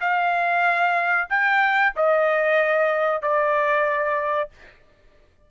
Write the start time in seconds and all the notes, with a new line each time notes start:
0.00 F5
1.29 G5
1.96 D#5
3.21 D5